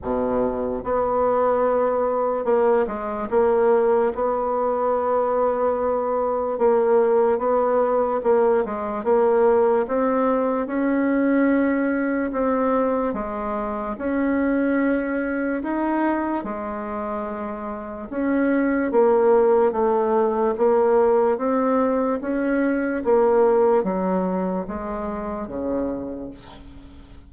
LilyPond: \new Staff \with { instrumentName = "bassoon" } { \time 4/4 \tempo 4 = 73 b,4 b2 ais8 gis8 | ais4 b2. | ais4 b4 ais8 gis8 ais4 | c'4 cis'2 c'4 |
gis4 cis'2 dis'4 | gis2 cis'4 ais4 | a4 ais4 c'4 cis'4 | ais4 fis4 gis4 cis4 | }